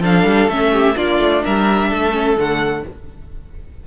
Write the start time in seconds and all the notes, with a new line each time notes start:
0.00 F3 D4 A4 F5
0.24 G3
0.47 A3 C#4 E5
0.72 G4
0.94 A#3 D4 F4 D5
1.18 A3
1.44 G3 A#4 E5
1.88 A3 A4
2.11 C#4
2.36 D3 A3 F#5